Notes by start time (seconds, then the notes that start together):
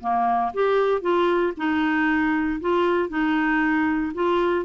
0.00 A#3
0.54 G4
1.01 F4
1.57 D#4
2.60 F4
3.09 D#4
4.14 F4